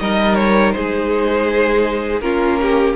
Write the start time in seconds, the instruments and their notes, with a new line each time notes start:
0.00 cello G3, viola D#4, violin A#4 D#5
0.35 violin C#5
0.72 cello G#3, violin G#4 C5
2.21 cello A#3, viola C#4, violin F4 A#4
2.61 violin G4